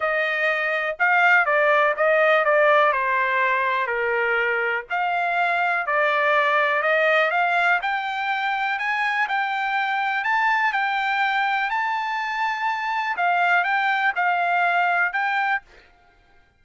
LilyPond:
\new Staff \with { instrumentName = "trumpet" } { \time 4/4 \tempo 4 = 123 dis''2 f''4 d''4 | dis''4 d''4 c''2 | ais'2 f''2 | d''2 dis''4 f''4 |
g''2 gis''4 g''4~ | g''4 a''4 g''2 | a''2. f''4 | g''4 f''2 g''4 | }